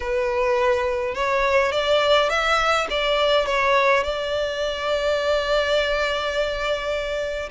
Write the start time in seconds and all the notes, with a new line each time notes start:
0.00 B4
1.15 C#5
1.72 D5
2.29 E5
2.90 D5
3.46 C#5
4.03 D5